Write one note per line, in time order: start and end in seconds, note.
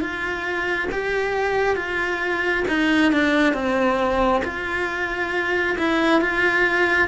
0.00 0.88 F4
0.91 1.76 G4
1.76 2.64 F4
2.68 3.12 D#4
3.12 3.53 D4
3.53 4.42 C4
4.44 5.76 F4
5.78 6.21 E4
6.21 7.08 F4